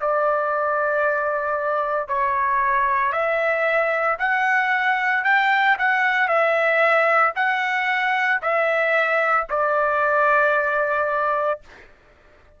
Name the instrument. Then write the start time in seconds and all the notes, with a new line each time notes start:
trumpet
0.00 D5
2.08 C#5
3.12 E5
4.19 F#5
5.24 G5
5.78 F#5
6.28 E5
7.35 F#5
8.42 E5
9.49 D5